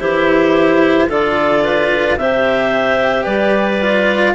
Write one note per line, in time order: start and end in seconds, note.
0.00 1.10 E3
0.00 1.09 E4
0.00 1.09 G4
0.00 1.09 C5
1.09 2.17 D3
1.09 2.19 F4
1.09 1.63 A4
1.09 2.18 D5
1.64 2.18 B4
2.17 3.26 C3
2.17 3.82 G4
2.17 3.24 C5
2.17 3.25 E5
3.24 4.35 G3
3.24 4.33 B4
3.24 4.34 D5
3.82 4.35 F4